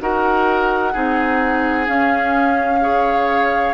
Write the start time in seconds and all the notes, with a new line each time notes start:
0.00 D#4 F#4 A#4 F#5
0.93 C4 D#4 G#4
1.86 C#4 F5
2.81 G#4 C#5